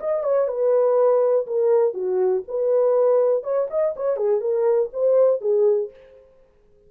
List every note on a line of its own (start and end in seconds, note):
0.00 0.24 D#5
0.24 0.48 C#5
0.48 1.46 B4
1.47 1.94 A#4
1.94 2.43 F#4
2.48 3.43 B4
3.43 3.68 C#5
3.70 3.95 D#5
3.96 4.17 C#5
4.17 4.41 G#4
4.41 4.90 A#4
4.93 5.41 C5
5.41 5.90 G#4